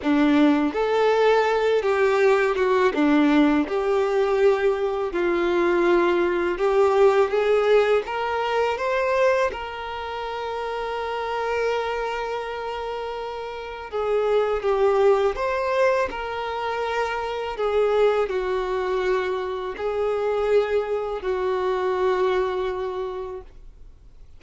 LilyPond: \new Staff \with { instrumentName = "violin" } { \time 4/4 \tempo 4 = 82 d'4 a'4. g'4 fis'8 | d'4 g'2 f'4~ | f'4 g'4 gis'4 ais'4 | c''4 ais'2.~ |
ais'2. gis'4 | g'4 c''4 ais'2 | gis'4 fis'2 gis'4~ | gis'4 fis'2. | }